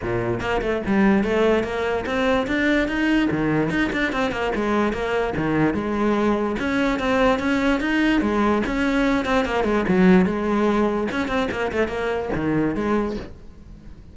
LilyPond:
\new Staff \with { instrumentName = "cello" } { \time 4/4 \tempo 4 = 146 ais,4 ais8 a8 g4 a4 | ais4 c'4 d'4 dis'4 | dis4 dis'8 d'8 c'8 ais8 gis4 | ais4 dis4 gis2 |
cis'4 c'4 cis'4 dis'4 | gis4 cis'4. c'8 ais8 gis8 | fis4 gis2 cis'8 c'8 | ais8 a8 ais4 dis4 gis4 | }